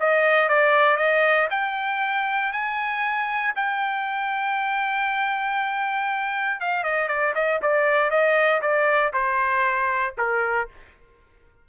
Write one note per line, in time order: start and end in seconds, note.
0.00 0.49 D#5
0.49 0.97 D5
0.97 1.48 D#5
1.50 2.52 G5
2.52 3.54 G#5
3.55 6.60 G5
6.60 6.83 F5
6.83 7.08 D#5
7.08 7.34 D5
7.35 7.60 D#5
7.62 8.11 D5
8.11 8.61 D#5
8.62 9.12 D5
9.13 10.15 C5
10.17 10.68 A#4